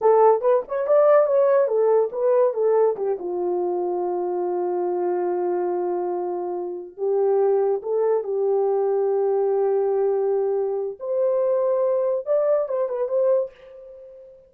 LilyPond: \new Staff \with { instrumentName = "horn" } { \time 4/4 \tempo 4 = 142 a'4 b'8 cis''8 d''4 cis''4 | a'4 b'4 a'4 g'8 f'8~ | f'1~ | f'1~ |
f'8 g'2 a'4 g'8~ | g'1~ | g'2 c''2~ | c''4 d''4 c''8 b'8 c''4 | }